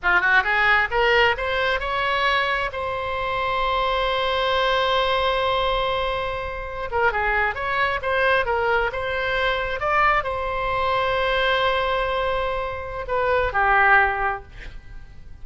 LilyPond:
\new Staff \with { instrumentName = "oboe" } { \time 4/4 \tempo 4 = 133 f'8 fis'8 gis'4 ais'4 c''4 | cis''2 c''2~ | c''1~ | c''2.~ c''16 ais'8 gis'16~ |
gis'8. cis''4 c''4 ais'4 c''16~ | c''4.~ c''16 d''4 c''4~ c''16~ | c''1~ | c''4 b'4 g'2 | }